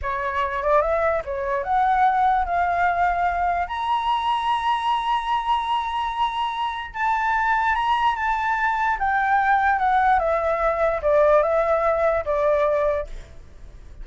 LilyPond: \new Staff \with { instrumentName = "flute" } { \time 4/4 \tempo 4 = 147 cis''4. d''8 e''4 cis''4 | fis''2 f''2~ | f''4 ais''2.~ | ais''1~ |
ais''4 a''2 ais''4 | a''2 g''2 | fis''4 e''2 d''4 | e''2 d''2 | }